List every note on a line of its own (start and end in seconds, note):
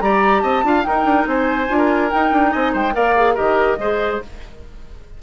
0.00 0.42 G3
0.00 0.64 G4
0.00 0.42 D5
0.00 0.40 A#5
0.40 0.63 C4
0.40 0.63 D#5
0.40 0.82 A5
0.63 0.84 D4
0.63 0.83 F4
0.63 0.87 F5
0.83 1.67 D#4
0.83 1.04 D#4
0.83 1.28 A#4
0.83 1.25 G5
1.04 1.25 D4
1.26 1.68 C4
1.26 1.77 C5
1.26 2.10 G#5
1.68 2.11 D4
1.68 2.10 F4
1.77 2.50 A#4
2.10 2.92 D#4
2.10 2.32 D#4
2.10 2.52 G5
2.32 2.53 D4
2.51 2.74 C4
2.51 2.72 D#5
2.51 2.73 G#5
2.72 2.94 G#3
2.72 2.93 C5
2.72 2.95 G5
2.92 3.36 A#3
2.92 3.13 A#4
2.92 3.34 D5
2.92 3.35 F5
3.16 3.35 G#4
3.34 3.78 D#3
3.34 3.77 G4
3.34 3.76 A#4
3.34 4.19 D#5
3.78 4.20 G#3
3.78 4.22 G#4
3.78 4.22 C5